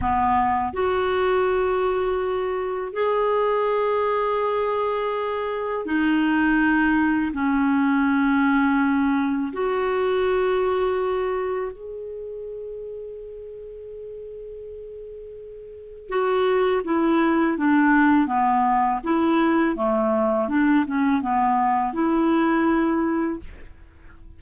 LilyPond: \new Staff \with { instrumentName = "clarinet" } { \time 4/4 \tempo 4 = 82 b4 fis'2. | gis'1 | dis'2 cis'2~ | cis'4 fis'2. |
gis'1~ | gis'2 fis'4 e'4 | d'4 b4 e'4 a4 | d'8 cis'8 b4 e'2 | }